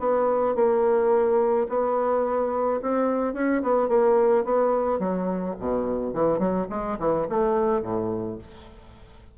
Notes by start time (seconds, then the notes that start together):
0.00 B3
0.55 A#3
1.69 B3
2.82 C4
3.34 C#4
3.63 B3
3.89 A#3
4.45 B3
5.00 F#3
5.59 B2
6.14 E3
6.39 F#3
6.70 G#3
6.99 E3
7.29 A3
7.82 A2